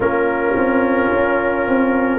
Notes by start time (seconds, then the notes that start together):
0.00 A#3 C#4 F4 A#4
0.55 C4
1.11 C#4
1.67 C4